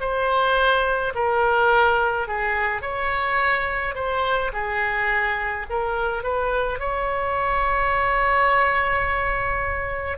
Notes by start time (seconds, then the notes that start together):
0.00 C5
1.15 A#4
2.27 G#4
2.81 C#5
3.95 C5
4.53 G#4
5.69 A#4
6.23 B4
6.79 C#5